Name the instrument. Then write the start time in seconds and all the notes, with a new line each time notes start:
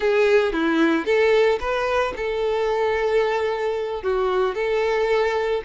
violin
0.00 G#4
0.53 E4
1.05 A4
1.59 B4
2.16 A4
4.02 F#4
4.54 A4